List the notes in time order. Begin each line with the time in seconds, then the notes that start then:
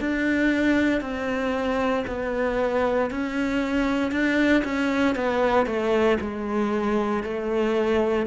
0.00 D4
1.01 C4
2.07 B3
3.10 C#4
4.11 D4
4.64 C#4
5.15 B3
5.66 A3
6.20 G#3
7.23 A3